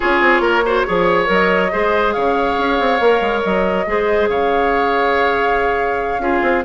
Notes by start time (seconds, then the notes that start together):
0.00 C#4 F4 G#4 C#5
0.21 C4
0.40 A#3 A#4
0.65 F#4 C5
0.85 F3 G#4 C#5
1.25 F#3 A#4 D#5
1.71 G#3 G#4 C5
2.12 C#3 C#5 F5
2.57 C#4
2.79 C4
2.99 A#3 A#4
3.20 G#3
3.42 F#3 D#5
3.86 G#3 G#4 C5
4.29 C#3 C#5 F5
6.18 C#4 F4 G#4
6.42 C4